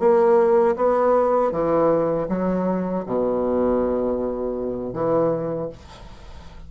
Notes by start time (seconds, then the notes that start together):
0.00 A#3
0.76 B3
1.52 E3
2.29 F#3
3.06 B2
4.93 E3